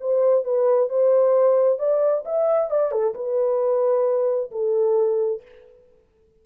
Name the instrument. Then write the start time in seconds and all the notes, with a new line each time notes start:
horn
0.00 C5
0.44 B4
0.89 C5
1.78 D5
2.25 E5
2.70 D5
2.91 A4
3.14 B4
4.51 A4